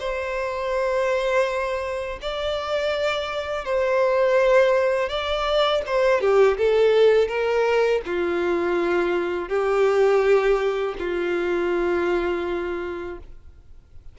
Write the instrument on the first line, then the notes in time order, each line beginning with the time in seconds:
violin
0.00 C5
2.22 D5
3.65 C5
5.09 D5
5.87 C5
6.21 G4
6.58 A4
7.28 A#4
8.06 F4
9.49 G4
10.99 F4